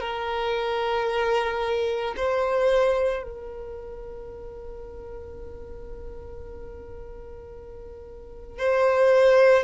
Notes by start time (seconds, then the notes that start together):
0.00 A#4
2.16 C5
3.23 A#4
8.59 C5